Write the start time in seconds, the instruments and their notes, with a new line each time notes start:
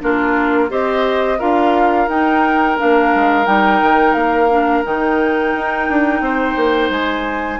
0.00 bassoon A#3, clarinet D4, oboe F4, flute A#4
0.69 bassoon C4, clarinet G4, oboe C5, flute D#5
1.38 bassoon D4, clarinet F4, oboe A#4, flute F5
2.07 bassoon D#4, clarinet D#4, flute G5
2.78 bassoon A#3, clarinet D4, flute F5
3.14 bassoon G#3
3.45 bassoon G3, clarinet D#4, flute G5
3.81 bassoon D#3
4.13 bassoon A#3, flute F5
4.50 clarinet D4
4.84 bassoon D#3, clarinet D#4, flute G5
5.54 bassoon D#4
5.89 bassoon D4
6.20 bassoon C4, oboe C5
6.56 bassoon A#3
6.90 bassoon G#3, flute G#5